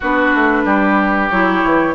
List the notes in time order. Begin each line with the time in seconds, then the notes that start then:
0.00 B3 D4 F#4 B4
0.34 A3
0.65 G3 G4
1.30 F#3 E4 C#5
1.64 E3